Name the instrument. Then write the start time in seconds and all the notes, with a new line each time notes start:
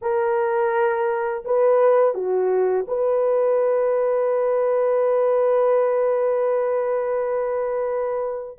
horn
0.01 A#4
1.44 B4
2.14 F#4
2.87 B4